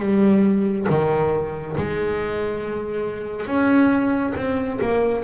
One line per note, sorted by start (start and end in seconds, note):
0.00 0.87 G3
0.89 1.76 D#3
1.77 3.47 G#3
3.47 4.34 C#4
4.36 4.79 C4
4.81 5.24 A#3